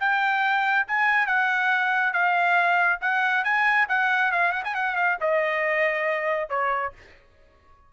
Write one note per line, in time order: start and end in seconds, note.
0.00 0.86 G5
0.88 1.27 G#5
1.27 2.13 F#5
2.13 2.99 F5
3.01 3.44 F#5
3.44 3.88 G#5
3.89 4.32 F#5
4.32 4.52 F5
4.52 4.63 F#5
4.64 4.75 G#5
4.75 4.96 F#5
4.96 5.18 F5
5.21 6.50 D#5
6.50 6.93 C#5